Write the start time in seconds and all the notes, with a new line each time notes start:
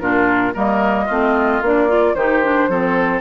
0.00 A#2 D4 F4 A#4
0.54 G3 A#3 A#4 D#5
1.05 A3 C4 F4
1.61 A#3 D4 D5
1.88 F4
2.15 D#3 D#4 G4 C5
2.44 D4
2.68 F3 C4 A4